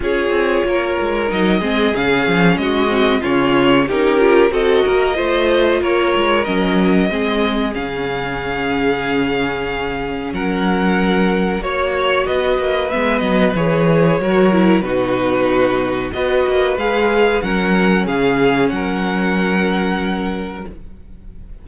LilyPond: <<
  \new Staff \with { instrumentName = "violin" } { \time 4/4 \tempo 4 = 93 cis''2 dis''4 f''4 | dis''4 cis''4 ais'4 dis''4~ | dis''4 cis''4 dis''2 | f''1 |
fis''2 cis''4 dis''4 | e''8 dis''8 cis''2 b'4~ | b'4 dis''4 f''4 fis''4 | f''4 fis''2. | }
  \new Staff \with { instrumentName = "violin" } { \time 4/4 gis'4 ais'4. gis'4. | fis'4 f'4 g'4 a'8 ais'8 | c''4 ais'2 gis'4~ | gis'1 |
ais'2 cis''4 b'4~ | b'2 ais'4 fis'4~ | fis'4 b'2 ais'4 | gis'4 ais'2. | }
  \new Staff \with { instrumentName = "viola" } { \time 4/4 f'2 dis'8 c'8 cis'4~ | cis'8 c'8 cis'4 dis'8 f'8 fis'4 | f'2 cis'4 c'4 | cis'1~ |
cis'2 fis'2 | b4 gis'4 fis'8 e'8 dis'4~ | dis'4 fis'4 gis'4 cis'4~ | cis'1 | }
  \new Staff \with { instrumentName = "cello" } { \time 4/4 cis'8 c'8 ais8 gis8 fis8 gis8 cis8 f8 | gis4 cis4 cis'4 c'8 ais8 | a4 ais8 gis8 fis4 gis4 | cis1 |
fis2 ais4 b8 ais8 | gis8 fis8 e4 fis4 b,4~ | b,4 b8 ais8 gis4 fis4 | cis4 fis2. | }
>>